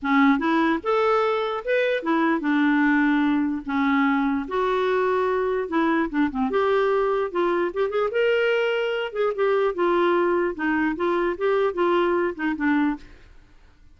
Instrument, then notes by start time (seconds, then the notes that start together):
clarinet
0.02 C#4
0.38 E4
0.83 A4
1.64 B4
2.02 E4
2.40 D4
3.65 C#4
4.48 F#4
5.68 E4
6.09 D4
6.30 C4
6.50 G4
7.31 F4
7.73 G4
7.89 G#4
8.11 A#4
9.12 G#4
9.35 G4
9.74 F4
10.55 D#4
10.96 F4
11.37 G4
11.73 F4
12.35 D#4
12.56 D4